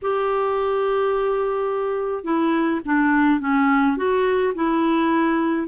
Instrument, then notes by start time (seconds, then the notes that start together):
clarinet
0.02 G4
2.24 E4
2.85 D4
3.40 C#4
3.96 F#4
4.54 E4